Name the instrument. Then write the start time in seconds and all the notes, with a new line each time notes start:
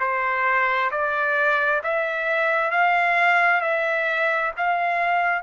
trumpet
0.00 C5
0.91 D5
1.84 E5
2.71 F5
3.61 E5
4.57 F5